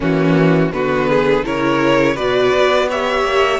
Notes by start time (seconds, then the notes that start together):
0.00 E3 A#3 C#4 F#4
0.72 D3 B3 F#4 B4
1.09 G#4
1.43 C#3 E4 A#4 C#5
2.14 B2 F#4 B4 D5
2.53 B3
2.88 G4 C#5 E5
3.23 A#3